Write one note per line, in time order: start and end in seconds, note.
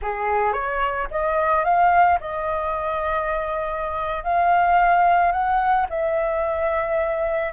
0.01 0.52 G#4
0.52 1.07 C#5
1.10 1.64 D#5
1.64 2.18 F5
2.20 4.23 D#5
4.23 5.32 F5
5.32 5.86 F#5
5.89 7.52 E5